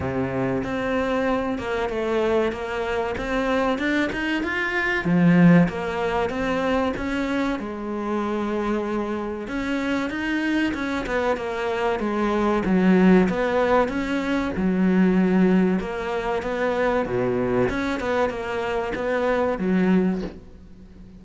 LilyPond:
\new Staff \with { instrumentName = "cello" } { \time 4/4 \tempo 4 = 95 c4 c'4. ais8 a4 | ais4 c'4 d'8 dis'8 f'4 | f4 ais4 c'4 cis'4 | gis2. cis'4 |
dis'4 cis'8 b8 ais4 gis4 | fis4 b4 cis'4 fis4~ | fis4 ais4 b4 b,4 | cis'8 b8 ais4 b4 fis4 | }